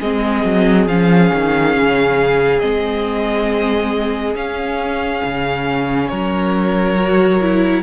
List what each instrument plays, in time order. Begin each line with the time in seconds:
0.00 cello G#3, viola C4, violin G#4 D#5
0.45 cello F#3
0.87 cello F3, viola C#4, violin F5
1.34 cello D#3
1.76 cello C#3
2.60 cello G#3, viola C4, violin D#5
4.35 cello C#4, viola C#4, violin F5
5.24 cello C#3
6.09 cello F#3, violin A#4 C#5
6.96 viola F#4
7.41 viola E4